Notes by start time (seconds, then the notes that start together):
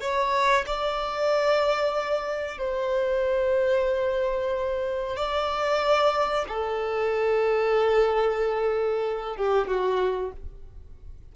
0.00 C#5
0.66 D5
2.58 C5
5.16 D5
6.48 A4
9.36 G4
9.67 F#4